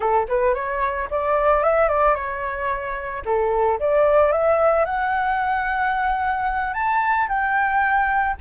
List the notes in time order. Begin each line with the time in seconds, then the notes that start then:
0.00 A4
0.28 B4
0.54 C#5
1.10 D5
1.63 E5
1.88 D5
2.14 C#5
3.25 A4
3.79 D5
4.31 E5
4.85 F#5
6.73 A5
7.28 G5